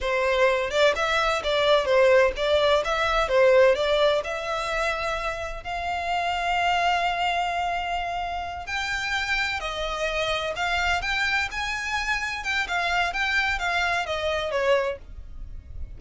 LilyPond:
\new Staff \with { instrumentName = "violin" } { \time 4/4 \tempo 4 = 128 c''4. d''8 e''4 d''4 | c''4 d''4 e''4 c''4 | d''4 e''2. | f''1~ |
f''2~ f''8 g''4.~ | g''8 dis''2 f''4 g''8~ | g''8 gis''2 g''8 f''4 | g''4 f''4 dis''4 cis''4 | }